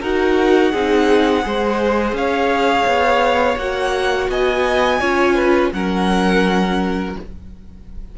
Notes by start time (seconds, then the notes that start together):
0.00 D#4 F#4 A#4 F#5
0.71 C4 D#4 G#4
1.42 G#3 G#4 C5
2.12 C#4 C#5 F5
2.86 B3
3.56 A#3 F#4 F#5
4.29 B3 D#5 G#5
5.00 C#4 F4 C#5
5.35 B4
5.72 F#3 C#4 A#4 F#5